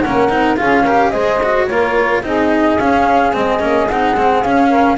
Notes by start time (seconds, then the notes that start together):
0.00 A#3 C#4 A#4 F#5
0.29 C4 D#4
0.57 C#4 F4 G#4 F5
0.83 G4 A#4
1.10 G#3 G#4 C5 D#5
1.43 F#4
1.67 A#3 F4 A#4 C#5
2.23 C4 D#4 G#4 D#5
2.79 C#4 F5
3.33 G#3 C4 D#5
3.60 A#3 C#4
3.89 C4 D#4 F#5
4.16 G#3 C4
4.43 C#4 F5
4.69 A#4